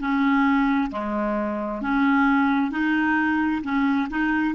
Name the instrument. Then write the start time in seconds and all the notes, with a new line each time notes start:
clarinet
0.00 C#4
0.91 G#3
1.82 C#4
2.71 D#4
3.63 C#4
4.10 D#4